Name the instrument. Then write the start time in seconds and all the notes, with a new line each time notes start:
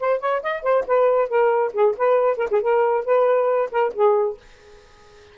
saxophone
0.00 C5
0.20 C#5
0.43 D#5
0.63 C5
0.87 B4
1.29 A#4
1.73 G#4
1.97 B4
2.38 A#4
2.51 G#4
2.62 A#4
3.05 B4
3.71 A#4
3.94 G#4